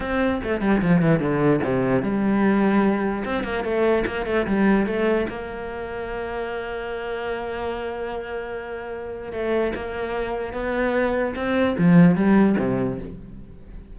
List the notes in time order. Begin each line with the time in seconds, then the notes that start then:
0.00 C4
0.43 A3
0.60 G3
0.81 F3
1.01 E3
1.19 D3
1.63 C3
2.02 G3
3.24 C4
3.43 A#3
3.64 A3
4.06 A#3
4.26 A3
4.46 G3
4.86 A3
5.28 A#3
9.32 A3
9.75 A#3
10.53 B3
11.35 C4
11.78 F3
12.15 G3
12.58 C3